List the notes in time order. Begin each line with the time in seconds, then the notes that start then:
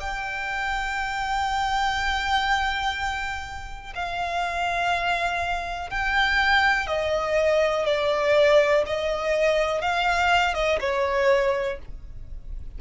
0.00 G5
3.95 F5
5.90 G5
6.87 D#5
7.86 D5
8.87 D#5
9.81 F5
10.54 D#5
10.81 C#5